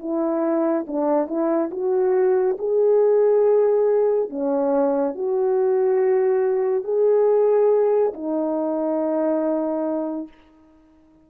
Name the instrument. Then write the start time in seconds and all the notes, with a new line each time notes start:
horn
0.00 E4
0.87 D4
1.27 E4
1.71 F#4
2.59 G#4
4.30 C#4
5.15 F#4
6.84 G#4
8.14 D#4